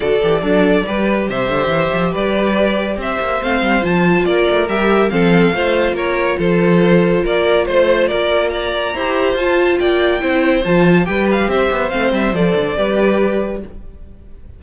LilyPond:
<<
  \new Staff \with { instrumentName = "violin" } { \time 4/4 \tempo 4 = 141 d''2. e''4~ | e''4 d''2 e''4 | f''4 a''4 d''4 e''4 | f''2 cis''4 c''4~ |
c''4 d''4 c''4 d''4 | ais''2 a''4 g''4~ | g''4 a''4 g''8 f''8 e''4 | f''8 e''8 d''2. | }
  \new Staff \with { instrumentName = "violin" } { \time 4/4 a'4 d'4 b'4 c''4~ | c''4 b'2 c''4~ | c''2 ais'2 | a'4 c''4 ais'4 a'4~ |
a'4 ais'4 c''4 ais'4 | d''4 c''2 d''4 | c''2 b'4 c''4~ | c''2 b'2 | }
  \new Staff \with { instrumentName = "viola" } { \time 4/4 fis'8 g'8 a'4 g'2~ | g'1 | c'4 f'2 g'4 | c'4 f'2.~ |
f'1~ | f'4 g'4 f'2 | e'4 f'4 g'2 | c'4 a'4 g'2 | }
  \new Staff \with { instrumentName = "cello" } { \time 4/4 d8 e8 fis4 g4 c8 d8 | e8 f8 g2 c'8 ais8 | a8 g8 f4 ais8 a8 g4 | f4 a4 ais4 f4~ |
f4 ais4 a4 ais4~ | ais4 e'4 f'4 ais4 | c'4 f4 g4 c'8 b8 | a8 g8 f8 d8 g2 | }
>>